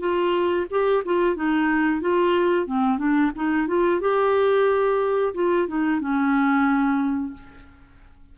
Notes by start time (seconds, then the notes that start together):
0.00 F4
0.71 G4
1.05 F4
1.36 D#4
2.02 F4
2.67 C4
2.98 D4
3.36 D#4
3.68 F4
4.01 G4
5.35 F4
5.68 D#4
6.01 C#4